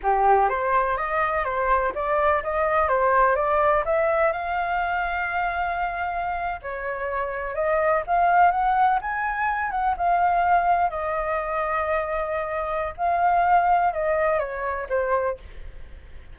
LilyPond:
\new Staff \with { instrumentName = "flute" } { \time 4/4 \tempo 4 = 125 g'4 c''4 dis''4 c''4 | d''4 dis''4 c''4 d''4 | e''4 f''2.~ | f''4.~ f''16 cis''2 dis''16~ |
dis''8. f''4 fis''4 gis''4~ gis''16~ | gis''16 fis''8 f''2 dis''4~ dis''16~ | dis''2. f''4~ | f''4 dis''4 cis''4 c''4 | }